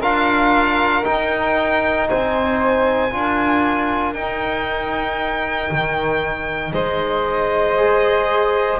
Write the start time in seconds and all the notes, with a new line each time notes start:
0.00 D4 F4 A#4 F5
1.03 D#4 G5
2.09 C4 C5 G#5
3.11 D4 F4 A#4
4.13 D#4 G5
5.70 D#3
6.73 G#3 C5 D#5
7.77 G#4